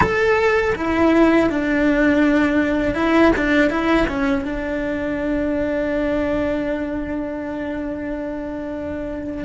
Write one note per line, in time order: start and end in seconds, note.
0.00 0.74 A4
0.75 1.49 E4
1.49 2.94 D4
2.94 3.31 E4
3.36 3.70 D4
3.70 4.07 E4
4.07 4.44 C#4
4.44 9.44 D4